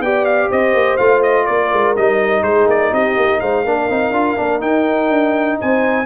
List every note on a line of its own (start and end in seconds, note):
0.00 0.48 B3
0.00 1.00 G4
0.00 0.49 D5
0.00 0.25 G5
0.25 0.49 F5
0.49 0.74 C4
0.49 1.46 C5
0.49 0.97 D#5
0.74 0.98 A#3
0.97 1.48 A3
0.97 1.96 F4
0.97 1.21 F5
1.23 1.46 D#5
1.46 1.73 A#3
1.46 2.43 A#4
1.46 1.94 D5
1.73 1.97 G#3
1.96 2.42 G3
1.96 3.66 D#4
1.96 2.43 D#5
2.42 2.66 G#3
2.42 2.92 G#4
2.42 2.67 C5
2.67 2.91 A#3
2.67 2.94 D5
2.92 3.17 C4
2.92 3.41 G4
2.92 3.40 D#5
3.17 3.41 A#3
3.40 3.65 G#3
3.40 3.65 C5
3.40 4.61 F5
3.65 3.89 A#3
3.65 3.90 D4
3.65 5.60 A#4
3.90 4.11 C4
3.90 4.13 D#4
4.11 4.35 D4
4.11 4.36 F4
4.36 4.62 A#3
4.36 4.60 D4
4.60 6.05 D#4
4.60 5.09 D#4
4.60 5.58 G5
5.09 5.58 D4
5.60 6.06 C4
5.60 6.06 C5
5.60 6.06 G#5